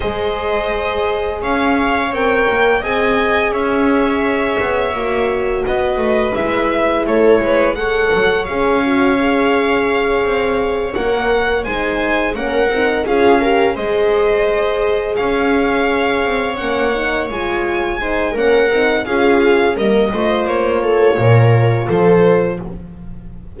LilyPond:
<<
  \new Staff \with { instrumentName = "violin" } { \time 4/4 \tempo 4 = 85 dis''2 f''4 g''4 | gis''4 e''2. | dis''4 e''4 cis''4 fis''4 | f''2.~ f''8 fis''8~ |
fis''8 gis''4 fis''4 f''4 dis''8~ | dis''4. f''2 fis''8~ | fis''8 gis''4. fis''4 f''4 | dis''4 cis''2 c''4 | }
  \new Staff \with { instrumentName = "viola" } { \time 4/4 c''2 cis''2 | dis''4 cis''2. | b'2 a'8 b'8 cis''4~ | cis''1~ |
cis''8 c''4 ais'4 gis'8 ais'8 c''8~ | c''4. cis''2~ cis''8~ | cis''4. c''8 ais'4 gis'4 | ais'8 c''4 a'8 ais'4 a'4 | }
  \new Staff \with { instrumentName = "horn" } { \time 4/4 gis'2. ais'4 | gis'2. fis'4~ | fis'4 e'2 a'4 | gis'8 fis'8 gis'2~ gis'8 ais'8~ |
ais'8 dis'4 cis'8 dis'8 f'8 g'8 gis'8~ | gis'2.~ gis'8 cis'8 | dis'8 f'4 dis'8 cis'8 dis'8 f'4 | ais8 f'2.~ f'8 | }
  \new Staff \with { instrumentName = "double bass" } { \time 4/4 gis2 cis'4 c'8 ais8 | c'4 cis'4. b8 ais4 | b8 a8 gis4 a8 gis4 fis8 | cis'2~ cis'8 c'4 ais8~ |
ais8 gis4 ais8 c'8 cis'4 gis8~ | gis4. cis'4. c'8 ais8~ | ais8 gis4. ais8 c'8 cis'4 | g8 a8 ais4 ais,4 f4 | }
>>